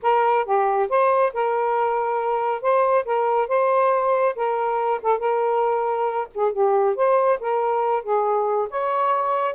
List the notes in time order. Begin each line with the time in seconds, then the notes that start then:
0.02 A#4
0.45 G4
0.89 C5
1.33 A#4
2.61 C5
3.05 A#4
3.48 C5
4.35 A#4
5.02 A4
5.18 A#4
6.34 G#4
6.52 G4
6.95 C5
7.40 A#4
8.03 G#4
8.70 C#5